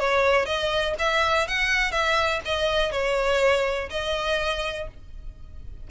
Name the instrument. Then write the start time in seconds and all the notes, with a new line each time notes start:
violin
0.00 C#5
0.46 D#5
0.99 E5
1.48 F#5
1.92 E5
2.45 D#5
2.92 C#5
3.90 D#5